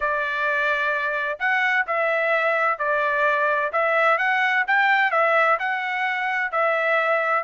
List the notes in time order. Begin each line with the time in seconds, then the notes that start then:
0.00 D5
1.39 F#5
1.86 E5
2.78 D5
3.72 E5
4.18 F#5
4.67 G5
5.11 E5
5.59 F#5
6.51 E5